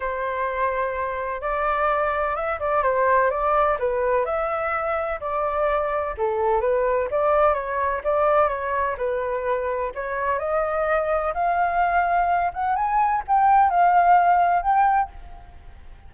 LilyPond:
\new Staff \with { instrumentName = "flute" } { \time 4/4 \tempo 4 = 127 c''2. d''4~ | d''4 e''8 d''8 c''4 d''4 | b'4 e''2 d''4~ | d''4 a'4 b'4 d''4 |
cis''4 d''4 cis''4 b'4~ | b'4 cis''4 dis''2 | f''2~ f''8 fis''8 gis''4 | g''4 f''2 g''4 | }